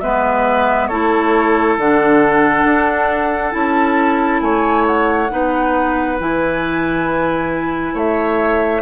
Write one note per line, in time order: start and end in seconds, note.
0.00 0.90 G#3
0.00 0.91 B3
0.00 0.89 B4
0.00 0.88 E5
0.88 1.78 A3
0.88 1.80 E4
0.88 4.42 A4
0.88 1.76 C#5
1.78 2.65 D3
1.78 3.51 D4
1.78 3.52 F#5
2.65 3.53 D4
3.51 4.41 C#4
3.51 5.28 E4
3.51 4.40 A5
4.41 5.30 A3
4.41 5.32 C#5
4.41 4.85 G#5
4.86 6.19 F#5
5.30 6.20 B3
5.30 6.18 D#4
5.30 7.94 B4
6.19 7.94 E3
6.19 8.82 E4
6.19 7.97 G#5
7.94 8.82 A3
7.94 8.82 C#5
7.94 8.82 E5